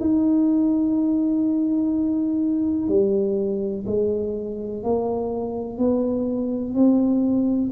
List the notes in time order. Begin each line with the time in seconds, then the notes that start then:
0.00 D#4
2.88 G3
3.87 G#3
4.83 A#3
5.78 B3
6.74 C4